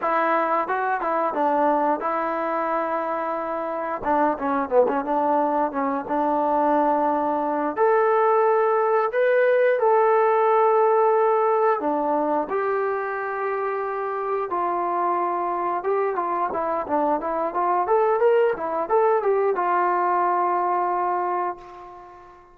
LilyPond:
\new Staff \with { instrumentName = "trombone" } { \time 4/4 \tempo 4 = 89 e'4 fis'8 e'8 d'4 e'4~ | e'2 d'8 cis'8 b16 cis'16 d'8~ | d'8 cis'8 d'2~ d'8 a'8~ | a'4. b'4 a'4.~ |
a'4. d'4 g'4.~ | g'4. f'2 g'8 | f'8 e'8 d'8 e'8 f'8 a'8 ais'8 e'8 | a'8 g'8 f'2. | }